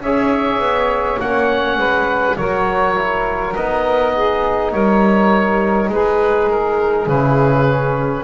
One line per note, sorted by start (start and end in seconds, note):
0.00 0.59 C#4
0.00 1.22 G#4
0.00 1.78 C#5
0.00 1.20 E5
0.59 1.18 B3
1.20 1.78 A#3
1.20 2.39 C#4
1.20 2.37 F#5
1.78 2.37 G#3
1.78 2.37 B4
2.37 3.55 F#3
2.37 2.96 F#4
2.37 4.14 A#4
2.37 3.54 C#5
2.96 3.55 E4
3.55 4.73 B3
3.55 7.09 D#4
3.55 4.72 D#5
4.14 4.72 G#4
4.72 5.89 G3
4.72 5.90 A#4
4.72 5.90 C#5
5.89 7.07 G#3
5.89 8.24 G#4
5.89 6.51 B4
6.51 7.09 A#4
7.07 8.24 C#3
7.07 7.68 E4
7.07 8.24 B4
7.69 8.24 C#4